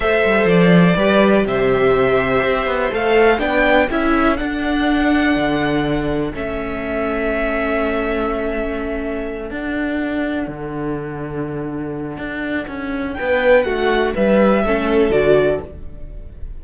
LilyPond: <<
  \new Staff \with { instrumentName = "violin" } { \time 4/4 \tempo 4 = 123 e''4 d''2 e''4~ | e''2 f''4 g''4 | e''4 fis''2.~ | fis''4 e''2.~ |
e''2.~ e''8 fis''8~ | fis''1~ | fis''2. g''4 | fis''4 e''2 d''4 | }
  \new Staff \with { instrumentName = "violin" } { \time 4/4 c''2 b'4 c''4~ | c''2. b'4 | a'1~ | a'1~ |
a'1~ | a'1~ | a'2. b'4 | fis'4 b'4 a'2 | }
  \new Staff \with { instrumentName = "viola" } { \time 4/4 a'2 g'2~ | g'2 a'4 d'4 | e'4 d'2.~ | d'4 cis'2.~ |
cis'2.~ cis'8 d'8~ | d'1~ | d'1~ | d'2 cis'4 fis'4 | }
  \new Staff \with { instrumentName = "cello" } { \time 4/4 a8 g8 f4 g4 c4~ | c4 c'8 b8 a4 b4 | cis'4 d'2 d4~ | d4 a2.~ |
a2.~ a8 d'8~ | d'4. d2~ d8~ | d4 d'4 cis'4 b4 | a4 g4 a4 d4 | }
>>